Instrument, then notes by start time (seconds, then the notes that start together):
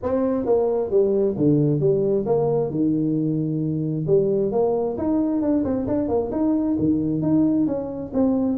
tuba
0.02 C4
0.45 A#3
0.90 G3
1.37 D3
1.80 G3
2.26 A#3
2.70 D#3
4.06 G3
4.51 A#3
4.97 D#4
5.41 D4
5.64 C4
5.87 D4
6.08 A#3
6.31 D#4
6.79 D#3
7.22 D#4
7.67 C#4
8.13 C4